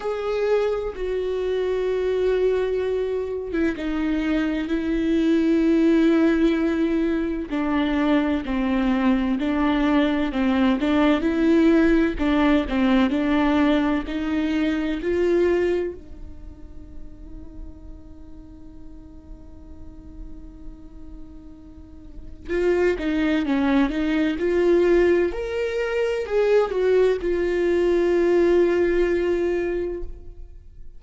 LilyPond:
\new Staff \with { instrumentName = "viola" } { \time 4/4 \tempo 4 = 64 gis'4 fis'2~ fis'8. e'16 | dis'4 e'2. | d'4 c'4 d'4 c'8 d'8 | e'4 d'8 c'8 d'4 dis'4 |
f'4 dis'2.~ | dis'1 | f'8 dis'8 cis'8 dis'8 f'4 ais'4 | gis'8 fis'8 f'2. | }